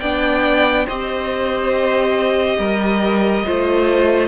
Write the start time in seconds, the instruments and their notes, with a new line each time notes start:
0.00 cello B3, viola D4, violin D5 G5
0.85 cello C4, viola G4, violin C5 D#5
2.59 cello G3, violin A#4
3.45 cello A3, viola F4, violin C5